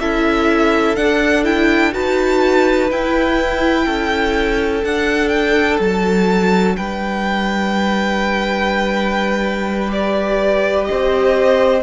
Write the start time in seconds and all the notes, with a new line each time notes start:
0.00 C#4 E4 A4 E5
0.96 D4 F#5
1.44 E4 G5
1.93 D#4 F#4 B4 A5
2.90 E4 G5
3.86 C#4 A4
4.81 D4 F#5
5.29 G5
5.80 F#3 A5
6.76 G3 B4 G5
9.89 G4 D5
10.85 C5 D#5
10.92 C4